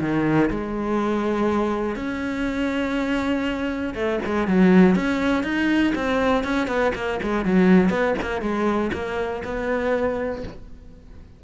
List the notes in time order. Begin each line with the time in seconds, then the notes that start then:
0.00 D#3
0.50 G#3
1.95 C#4
3.94 A3
4.25 G#3
4.47 F#3
4.95 C#4
5.43 D#4
5.95 C4
6.43 C#4
6.67 B3
6.94 A#3
7.22 G#3
7.45 F#3
7.90 B3
8.21 A#3
8.41 G#3
8.93 A#3
9.44 B3